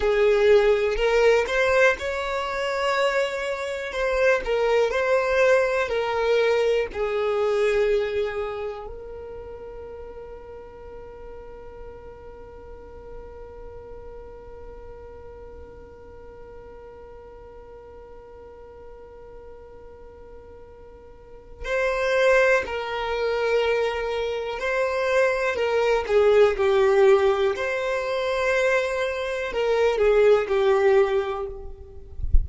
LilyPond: \new Staff \with { instrumentName = "violin" } { \time 4/4 \tempo 4 = 61 gis'4 ais'8 c''8 cis''2 | c''8 ais'8 c''4 ais'4 gis'4~ | gis'4 ais'2.~ | ais'1~ |
ais'1~ | ais'2 c''4 ais'4~ | ais'4 c''4 ais'8 gis'8 g'4 | c''2 ais'8 gis'8 g'4 | }